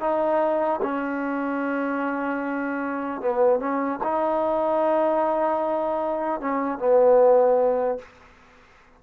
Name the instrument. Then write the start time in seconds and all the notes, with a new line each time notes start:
trombone
0.00 D#4
0.82 C#4
3.21 B3
3.59 C#4
4.04 D#4
6.41 C#4
6.79 B3